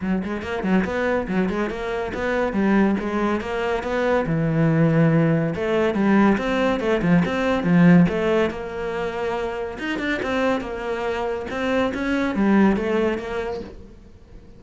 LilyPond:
\new Staff \with { instrumentName = "cello" } { \time 4/4 \tempo 4 = 141 fis8 gis8 ais8 fis8 b4 fis8 gis8 | ais4 b4 g4 gis4 | ais4 b4 e2~ | e4 a4 g4 c'4 |
a8 f8 c'4 f4 a4 | ais2. dis'8 d'8 | c'4 ais2 c'4 | cis'4 g4 a4 ais4 | }